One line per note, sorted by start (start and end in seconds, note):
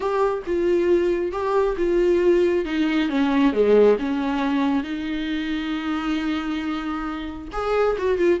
0.00 0.43 G4
0.46 1.31 F4
1.31 1.75 G4
1.77 2.65 F4
2.65 3.09 D#4
3.09 3.52 C#4
3.52 3.96 G#3
3.99 4.83 C#4
4.83 7.48 D#4
7.52 7.96 G#4
7.98 8.18 F#4
8.18 8.40 F4